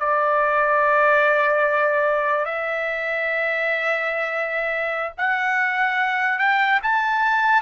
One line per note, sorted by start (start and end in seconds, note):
0.00 2.45 D5
2.45 5.13 E5
5.18 6.40 F#5
6.40 6.81 G5
6.83 7.62 A5